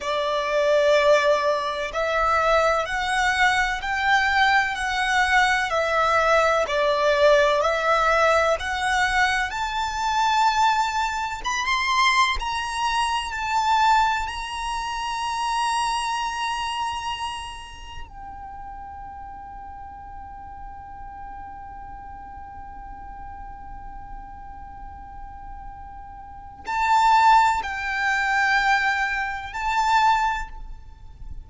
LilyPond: \new Staff \with { instrumentName = "violin" } { \time 4/4 \tempo 4 = 63 d''2 e''4 fis''4 | g''4 fis''4 e''4 d''4 | e''4 fis''4 a''2 | b''16 c'''8. ais''4 a''4 ais''4~ |
ais''2. g''4~ | g''1~ | g''1 | a''4 g''2 a''4 | }